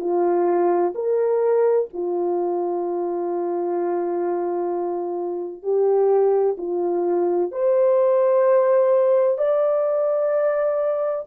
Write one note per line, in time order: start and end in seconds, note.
0.00 0.94 F4
0.95 1.88 A#4
1.93 5.63 F4
5.63 6.57 G4
6.58 7.52 F4
7.52 9.38 C5
9.38 11.26 D5